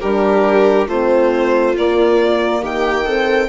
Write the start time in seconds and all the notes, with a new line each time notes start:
0.00 G3 D4 G4 A#4
0.87 A3 C4 F4 C5
1.77 A#3 D5
2.62 D#3 G4 G5
3.05 C4 A4